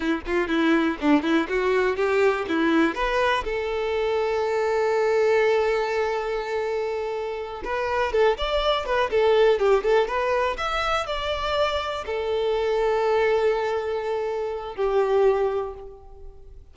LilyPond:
\new Staff \with { instrumentName = "violin" } { \time 4/4 \tempo 4 = 122 e'8 f'8 e'4 d'8 e'8 fis'4 | g'4 e'4 b'4 a'4~ | a'1~ | a'2.~ a'8 b'8~ |
b'8 a'8 d''4 b'8 a'4 g'8 | a'8 b'4 e''4 d''4.~ | d''8 a'2.~ a'8~ | a'2 g'2 | }